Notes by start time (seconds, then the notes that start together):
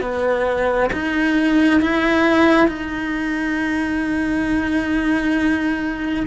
0.00 B3
0.92 D#4
1.80 E4
2.67 D#4